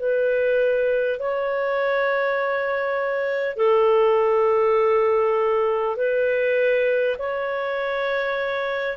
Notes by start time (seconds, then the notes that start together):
0.00 B4
1.19 C#5
3.57 A4
5.97 B4
7.19 C#5